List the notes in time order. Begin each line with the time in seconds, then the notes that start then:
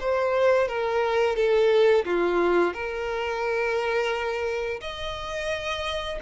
0.00 C5
0.68 A#4
1.36 A4
2.05 F4
2.73 A#4
4.81 D#5